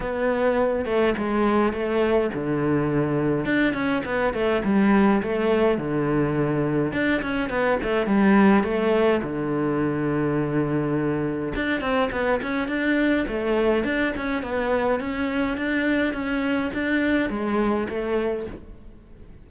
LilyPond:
\new Staff \with { instrumentName = "cello" } { \time 4/4 \tempo 4 = 104 b4. a8 gis4 a4 | d2 d'8 cis'8 b8 a8 | g4 a4 d2 | d'8 cis'8 b8 a8 g4 a4 |
d1 | d'8 c'8 b8 cis'8 d'4 a4 | d'8 cis'8 b4 cis'4 d'4 | cis'4 d'4 gis4 a4 | }